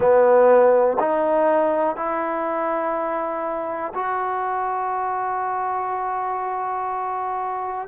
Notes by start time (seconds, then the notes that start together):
0.00 B3
0.99 D#4
1.95 E4
3.94 F#4